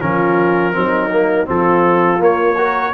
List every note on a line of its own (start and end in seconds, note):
0.00 0.75 F3
0.00 0.73 C#4
0.00 0.75 F4
0.00 1.47 A#4
0.73 1.49 F#3
0.73 1.10 C4
0.73 1.48 D#4
1.11 1.46 A#3
1.46 2.20 F3
1.46 2.19 C4
1.46 2.57 F4
1.46 2.23 A4
2.19 2.55 A#3
2.19 2.93 A#3
2.19 2.94 C#5
2.57 2.94 F#4
2.57 2.93 A#4